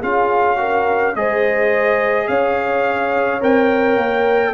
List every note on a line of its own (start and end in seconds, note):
0.00 1.15 C#4
0.00 0.57 F4
0.00 0.57 G#4
0.00 1.15 F5
0.57 1.13 F#4
0.57 1.16 A#4
1.15 2.28 G#3
1.15 3.40 G#4
1.15 2.28 C5
1.15 2.27 D#5
2.27 3.42 C#4
2.27 4.54 C#5
2.27 3.41 F5
3.40 3.96 C4
3.40 4.53 A#4
3.40 4.54 G5
3.96 4.53 A#3